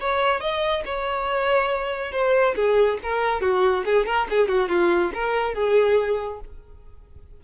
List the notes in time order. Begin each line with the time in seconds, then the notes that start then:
0.00 C#5
0.41 D#5
0.85 C#5
2.12 C5
2.56 G#4
3.03 A#4
3.41 F#4
3.86 G#4
4.06 A#4
4.30 G#4
4.48 F#4
4.69 F4
5.14 A#4
5.54 G#4